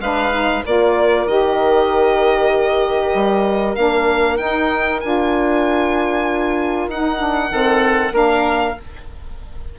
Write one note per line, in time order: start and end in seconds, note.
0.00 0.62 G#3
0.00 0.32 D4
0.00 0.65 B4
0.00 0.64 F5
0.32 0.63 D#4
0.65 1.26 A#3
0.65 1.28 F4
0.65 7.52 A#4
0.65 1.27 D5
1.26 3.13 D#3
1.26 3.76 G4
1.26 3.75 D#5
3.14 3.77 G3
3.75 4.40 A#3
3.75 4.37 D4
3.75 4.38 F5
4.37 4.99 D#4
4.37 5.03 D#4
4.37 5.00 G5
5.01 6.88 D4
5.01 6.91 F4
5.01 6.88 G#5
6.88 7.50 D#4
6.88 7.18 D#4
6.88 8.15 F#5
7.18 7.50 D4
7.51 8.12 D#3
7.51 8.12 C4
7.51 8.14 A4
8.12 8.74 A#3
8.12 8.75 D4
8.12 8.76 A#4
8.12 8.79 F5